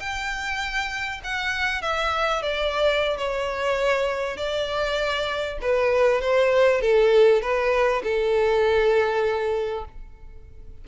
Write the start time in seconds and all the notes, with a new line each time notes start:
0.00 G5
1.24 F#5
1.82 E5
2.42 D5
3.17 C#5
4.37 D5
5.61 B4
6.21 C5
6.81 A4
7.42 B4
8.03 A4